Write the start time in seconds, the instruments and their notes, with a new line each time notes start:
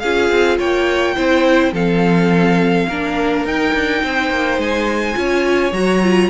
0.00 cello C#4, viola F4, violin G#4 F5
0.30 cello C4
0.58 cello A#3, violin C#5 G5
1.16 cello C4, viola E4, violin C5
1.73 cello F3, viola C4, violin A4 F5
2.89 cello A#3, viola D4, violin A#4
3.45 cello D#4, viola D#4, violin G5
3.74 cello D4
4.04 cello C4, violin C5
4.31 cello A#3
4.58 cello G#3, violin G#5
5.14 cello C#4, viola F4, violin C#5
5.72 cello F#3, viola F#4, violin A#5
6.03 viola F4